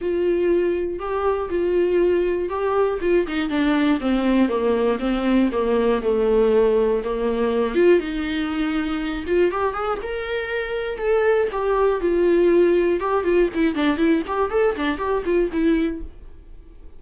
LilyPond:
\new Staff \with { instrumentName = "viola" } { \time 4/4 \tempo 4 = 120 f'2 g'4 f'4~ | f'4 g'4 f'8 dis'8 d'4 | c'4 ais4 c'4 ais4 | a2 ais4. f'8 |
dis'2~ dis'8 f'8 g'8 gis'8 | ais'2 a'4 g'4 | f'2 g'8 f'8 e'8 d'8 | e'8 g'8 a'8 d'8 g'8 f'8 e'4 | }